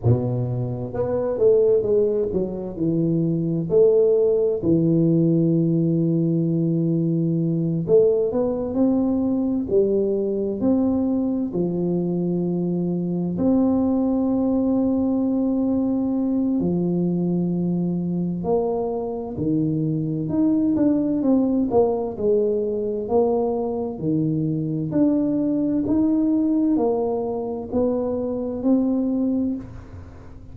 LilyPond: \new Staff \with { instrumentName = "tuba" } { \time 4/4 \tempo 4 = 65 b,4 b8 a8 gis8 fis8 e4 | a4 e2.~ | e8 a8 b8 c'4 g4 c'8~ | c'8 f2 c'4.~ |
c'2 f2 | ais4 dis4 dis'8 d'8 c'8 ais8 | gis4 ais4 dis4 d'4 | dis'4 ais4 b4 c'4 | }